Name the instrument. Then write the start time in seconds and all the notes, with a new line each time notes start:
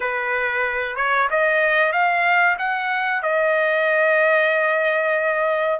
trumpet
0.00 B4
0.96 C#5
1.30 D#5
1.92 F5
2.58 F#5
3.22 D#5